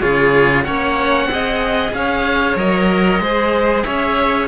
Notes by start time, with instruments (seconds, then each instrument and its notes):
0.00 cello C#3 F4, violin G#4, oboe C#5
0.64 cello A#3 C#4, violin C#5, oboe F#5
1.26 cello C4 G#4
1.32 violin D#5
1.93 cello C#4, violin C#5, oboe F5
2.56 cello F#3 A#4, oboe D#5
3.20 cello G#3 G#4, violin C5
3.83 cello C#4, violin C#5, oboe E5